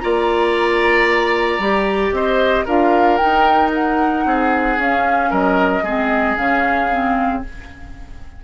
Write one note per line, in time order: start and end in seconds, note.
0.00 1.59 A#3
0.00 1.61 F4
0.00 2.15 D5
0.00 2.12 A#5
1.59 2.12 G3
1.59 2.67 G4
2.12 2.65 C4
2.12 2.65 C5
2.12 2.66 D#5
2.65 3.20 D4
2.65 3.19 F4
2.65 4.24 A#4
2.65 3.17 F5
3.17 4.78 D#4
3.17 4.26 D#4
3.17 3.70 G5
3.74 4.80 F#5
4.26 4.78 C4
4.26 5.31 G#4
4.78 5.31 C#4
4.78 5.84 C#4
4.78 5.33 F5
5.31 5.83 F#3
5.31 5.84 A#4
5.31 6.37 D#5
5.83 6.36 G#3
5.83 6.37 C4
5.83 7.43 G#4
6.37 7.44 C#3
6.37 6.90 C#4
6.37 7.43 F5
6.91 7.44 C4